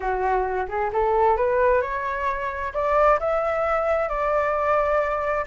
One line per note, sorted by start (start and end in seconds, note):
0.00 0.67 F#4
0.68 0.91 G#4
0.92 1.36 A4
1.36 1.81 B4
1.81 2.72 C#5
2.73 3.19 D5
3.19 4.08 E5
4.08 5.45 D5